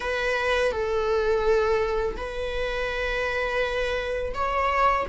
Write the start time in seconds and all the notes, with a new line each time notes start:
0.00 B4
0.71 A4
2.17 B4
4.33 C#5